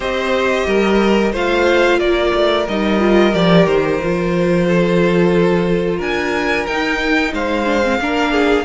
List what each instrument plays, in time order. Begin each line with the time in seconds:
0.00 cello C4, viola G4, violin C5 D#5
0.66 cello G3, violin A#4
1.32 cello A3, viola F4, violin C5 F5
1.98 cello A#3, violin A#4 D5
2.34 cello A3
2.68 cello G3, viola D#4, violin D#5
2.99 viola F4
3.33 cello F3, viola G4, violin D5
3.66 cello D#3, violin C5
4.02 cello F3, viola F4
4.68 violin A4
5.97 cello D4, violin A#4 G#5
6.66 viola D#4, cello D#4, violin G5
7.32 cello G#3, violin C5 F5
7.65 viola D4
7.83 viola C4
7.99 cello A#3, viola D4, violin A#4
8.32 violin G#4